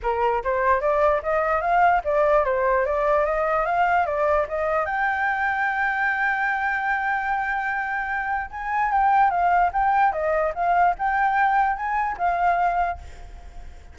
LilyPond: \new Staff \with { instrumentName = "flute" } { \time 4/4 \tempo 4 = 148 ais'4 c''4 d''4 dis''4 | f''4 d''4 c''4 d''4 | dis''4 f''4 d''4 dis''4 | g''1~ |
g''1~ | g''4 gis''4 g''4 f''4 | g''4 dis''4 f''4 g''4~ | g''4 gis''4 f''2 | }